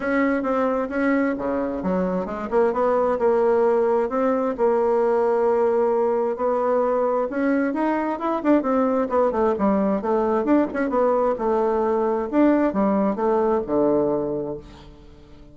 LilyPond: \new Staff \with { instrumentName = "bassoon" } { \time 4/4 \tempo 4 = 132 cis'4 c'4 cis'4 cis4 | fis4 gis8 ais8 b4 ais4~ | ais4 c'4 ais2~ | ais2 b2 |
cis'4 dis'4 e'8 d'8 c'4 | b8 a8 g4 a4 d'8 cis'8 | b4 a2 d'4 | g4 a4 d2 | }